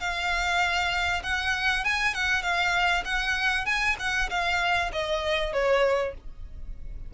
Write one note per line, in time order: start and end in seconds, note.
0.00 1.22 F5
1.23 1.85 F#5
1.85 2.14 G#5
2.14 2.42 F#5
2.42 3.04 F5
3.05 3.65 F#5
3.65 3.96 G#5
3.99 4.30 F#5
4.30 4.91 F5
4.92 5.53 D#5
5.53 6.14 C#5